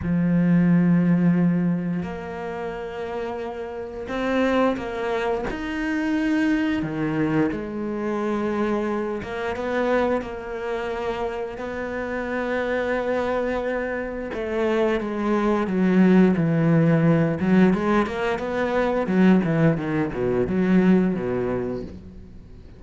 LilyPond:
\new Staff \with { instrumentName = "cello" } { \time 4/4 \tempo 4 = 88 f2. ais4~ | ais2 c'4 ais4 | dis'2 dis4 gis4~ | gis4. ais8 b4 ais4~ |
ais4 b2.~ | b4 a4 gis4 fis4 | e4. fis8 gis8 ais8 b4 | fis8 e8 dis8 b,8 fis4 b,4 | }